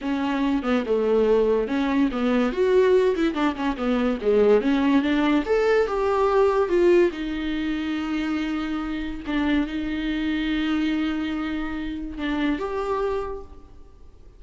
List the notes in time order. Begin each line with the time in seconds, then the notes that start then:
0.01 C#4
0.63 B3
0.86 A3
1.67 C#4
2.11 B3
2.52 F#4
3.15 E4
3.34 D4
3.55 C#4
3.76 B3
4.21 G#3
4.61 C#4
5.02 D4
5.45 A4
5.87 G4
6.68 F4
7.11 D#4
9.26 D4
9.67 D#4
12.17 D4
12.58 G4